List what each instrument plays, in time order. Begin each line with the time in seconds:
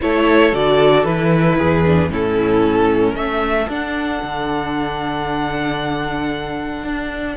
0.00 cello A3, viola E4, violin A4 C#5
0.52 cello D3, viola F#4, violin D5
1.04 cello E3, viola E4, violin B4
1.57 cello E2, violin G#4
1.85 viola D4
2.09 cello A2, viola C#4, violin E4 A4
3.14 cello A3, violin A4 E5
3.68 cello D4, viola D4, violin F#5
4.22 cello D3
6.83 cello D4